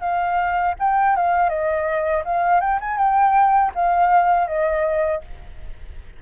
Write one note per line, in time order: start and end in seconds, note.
0.00 0.74 F5
0.79 1.16 G5
1.16 1.49 F5
1.49 2.23 D#5
2.24 2.60 F5
2.60 2.79 G5
2.80 2.98 G#5
2.98 3.72 G5
3.75 4.47 F5
4.47 5.21 D#5